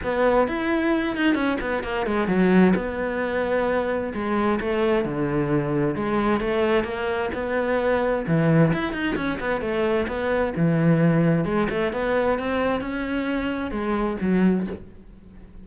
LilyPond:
\new Staff \with { instrumentName = "cello" } { \time 4/4 \tempo 4 = 131 b4 e'4. dis'8 cis'8 b8 | ais8 gis8 fis4 b2~ | b4 gis4 a4 d4~ | d4 gis4 a4 ais4 |
b2 e4 e'8 dis'8 | cis'8 b8 a4 b4 e4~ | e4 gis8 a8 b4 c'4 | cis'2 gis4 fis4 | }